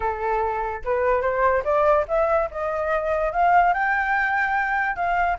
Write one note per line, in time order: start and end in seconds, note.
0.00 0.82 A4
0.84 1.21 B4
1.21 1.63 C5
1.64 2.05 D5
2.08 2.49 E5
2.50 3.32 D#5
3.32 3.73 F5
3.73 4.96 G5
4.96 5.37 F5